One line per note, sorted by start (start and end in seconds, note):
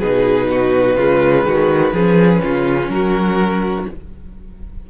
0.00 0.96 B2
0.00 1.00 D#4
0.00 0.48 G#4
0.00 2.90 B4
0.51 0.97 F#4
0.96 1.44 C#3
0.96 1.96 G#3
0.96 1.46 F4
1.44 1.93 D#3
1.44 1.94 F#4
1.93 2.42 F3
1.93 3.91 C#4
1.93 2.42 G#4
2.43 2.89 C#3
2.43 2.92 F4
2.89 3.86 F#3
2.89 3.91 F#4
2.89 3.86 A#4